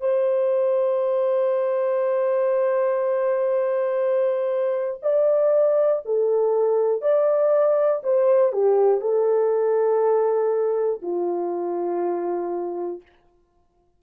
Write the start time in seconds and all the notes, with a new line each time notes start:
0.00 C5
5.02 D5
6.05 A4
7.02 D5
8.03 C5
8.52 G4
9.00 A4
11.02 F4